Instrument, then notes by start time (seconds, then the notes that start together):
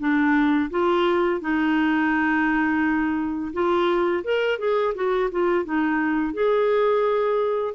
clarinet
0.00 D4
0.71 F4
1.41 D#4
3.53 F4
4.24 A#4
4.59 G#4
4.95 F#4
5.32 F4
5.65 D#4
6.34 G#4